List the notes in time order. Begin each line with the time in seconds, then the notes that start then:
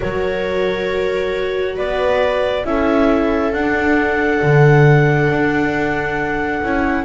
0.00 F#3 F#4 A#4 C#5
1.76 B3 B4 D5
2.64 C#4 E4 A4 E5
3.52 D4 F#5
4.42 D3
5.29 D4
6.62 C#4 E4